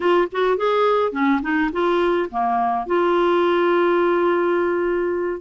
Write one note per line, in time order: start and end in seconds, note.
0.00 0.28 F4
0.31 0.57 F#4
0.57 1.12 G#4
1.12 1.40 C#4
1.42 1.70 D#4
1.72 2.29 F4
2.30 2.86 A#3
2.86 5.41 F4